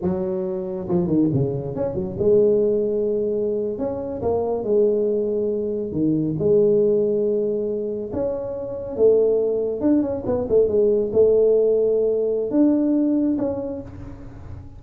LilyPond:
\new Staff \with { instrumentName = "tuba" } { \time 4/4 \tempo 4 = 139 fis2 f8 dis8 cis4 | cis'8 fis8 gis2.~ | gis8. cis'4 ais4 gis4~ gis16~ | gis4.~ gis16 dis4 gis4~ gis16~ |
gis2~ gis8. cis'4~ cis'16~ | cis'8. a2 d'8 cis'8 b16~ | b16 a8 gis4 a2~ a16~ | a4 d'2 cis'4 | }